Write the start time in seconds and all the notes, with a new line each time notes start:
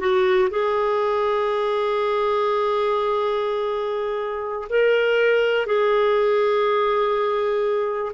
0.00 F#4
0.51 G#4
4.70 A#4
5.66 G#4